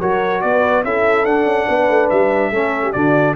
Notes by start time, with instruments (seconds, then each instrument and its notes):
0.00 tuba F#3, trombone F#4, horn A#4, trumpet C#5
0.41 tuba B3, horn B4, trumpet D5
0.84 tuba C#4, trombone E4, horn A4, trumpet E5
1.25 tuba D4, trombone D4, trumpet F#5
1.45 tuba C#4
1.67 tuba B3, horn B4
1.89 tuba A3
2.10 tuba G3, trumpet E5
2.51 tuba A3, trombone C#4, horn A4
2.83 horn G4
2.92 tuba D3, trombone D4, horn F#4, trumpet D5